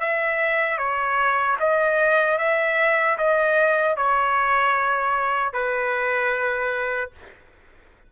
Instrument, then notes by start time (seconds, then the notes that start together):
trumpet
0.00 E5
0.78 C#5
1.60 D#5
2.38 E5
3.18 D#5
3.97 C#5
5.53 B4